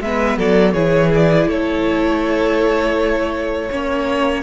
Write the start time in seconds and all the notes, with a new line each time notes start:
0.00 G#3 B3 B4 E5
0.37 F#3 A4 D5
0.73 E3 E4 G#4 C#5
1.14 D5
1.47 A3 A4 C#5
3.70 A#3 C#4 C#5